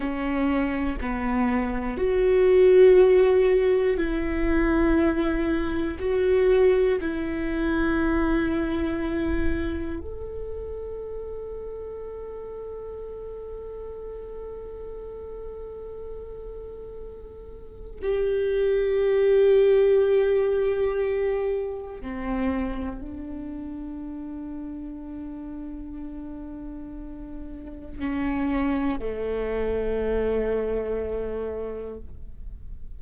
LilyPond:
\new Staff \with { instrumentName = "viola" } { \time 4/4 \tempo 4 = 60 cis'4 b4 fis'2 | e'2 fis'4 e'4~ | e'2 a'2~ | a'1~ |
a'2 g'2~ | g'2 c'4 d'4~ | d'1 | cis'4 a2. | }